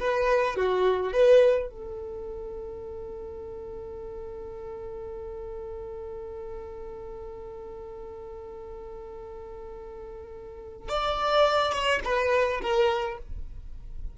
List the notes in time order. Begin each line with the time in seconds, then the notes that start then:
0.00 B4
0.57 F#4
1.13 B4
1.70 A4
10.89 D5
11.72 C#5
12.05 B4
12.61 A#4